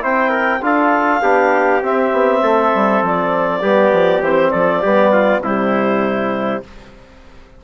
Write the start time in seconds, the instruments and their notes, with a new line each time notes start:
0.00 bassoon C4, trombone E4, trumpet C5, clarinet G5
0.30 trumpet A#4
0.61 bassoon D4, trombone F4, trumpet A4, clarinet F5
1.22 bassoon B3, trombone D4, trumpet G4
1.81 bassoon C4, trombone C4, clarinet E5
2.12 bassoon B3
2.42 bassoon A3, trumpet A4
2.74 bassoon G3
3.02 bassoon F3, clarinet D5
3.62 bassoon G3, trombone B3, trumpet G4
3.92 bassoon F3
4.21 bassoon E3, trombone C4, clarinet C5
4.51 bassoon F3, trumpet A4, clarinet D5
4.82 bassoon G3, trombone B3, trumpet G4
5.12 trumpet F4
5.40 bassoon C3, trombone G3, trumpet E4, clarinet C5